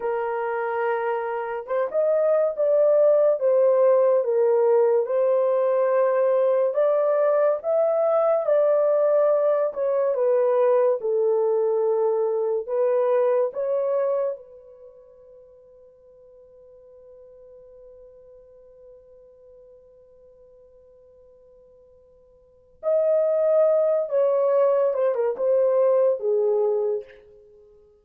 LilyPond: \new Staff \with { instrumentName = "horn" } { \time 4/4 \tempo 4 = 71 ais'2 c''16 dis''8. d''4 | c''4 ais'4 c''2 | d''4 e''4 d''4. cis''8 | b'4 a'2 b'4 |
cis''4 b'2.~ | b'1~ | b'2. dis''4~ | dis''8 cis''4 c''16 ais'16 c''4 gis'4 | }